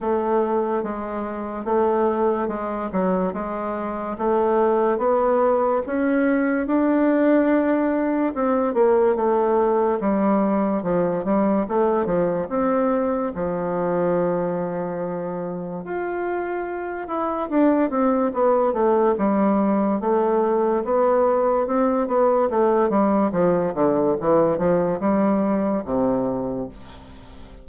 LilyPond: \new Staff \with { instrumentName = "bassoon" } { \time 4/4 \tempo 4 = 72 a4 gis4 a4 gis8 fis8 | gis4 a4 b4 cis'4 | d'2 c'8 ais8 a4 | g4 f8 g8 a8 f8 c'4 |
f2. f'4~ | f'8 e'8 d'8 c'8 b8 a8 g4 | a4 b4 c'8 b8 a8 g8 | f8 d8 e8 f8 g4 c4 | }